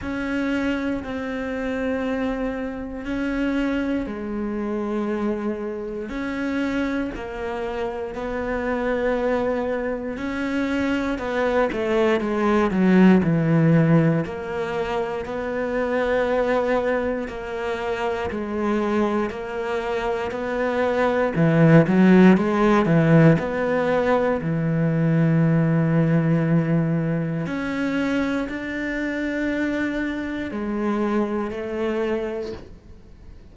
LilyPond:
\new Staff \with { instrumentName = "cello" } { \time 4/4 \tempo 4 = 59 cis'4 c'2 cis'4 | gis2 cis'4 ais4 | b2 cis'4 b8 a8 | gis8 fis8 e4 ais4 b4~ |
b4 ais4 gis4 ais4 | b4 e8 fis8 gis8 e8 b4 | e2. cis'4 | d'2 gis4 a4 | }